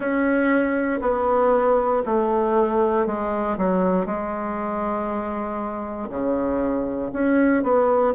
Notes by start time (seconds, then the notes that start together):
0.00 C#4
1.01 B3
2.05 A3
3.06 G#3
3.57 F#3
4.05 G#3
6.09 C#3
7.12 C#4
7.63 B3